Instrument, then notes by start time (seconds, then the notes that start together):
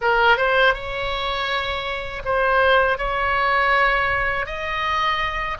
oboe
0.01 A#4
0.37 C5
0.74 C#5
2.25 C5
2.98 C#5
4.46 D#5